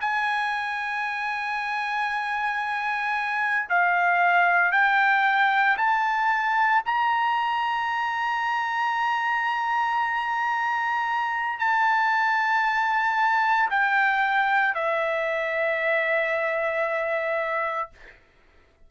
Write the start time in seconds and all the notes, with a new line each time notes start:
0.00 G#5
3.69 F5
4.71 G5
5.77 A5
6.85 A#5
11.58 A5
13.70 G5
14.74 E5